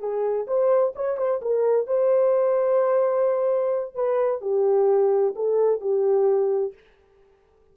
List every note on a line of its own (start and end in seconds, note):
0.00 0.47 G#4
0.47 0.94 C5
0.96 1.18 C#5
1.18 1.41 C5
1.42 1.87 A#4
1.87 3.95 C5
3.95 4.41 B4
4.41 5.34 G4
5.36 5.81 A4
5.81 6.74 G4